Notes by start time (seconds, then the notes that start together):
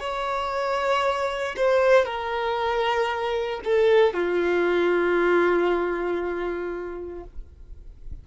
0.00 C#5
1.56 C5
2.05 A#4
3.64 A4
4.13 F4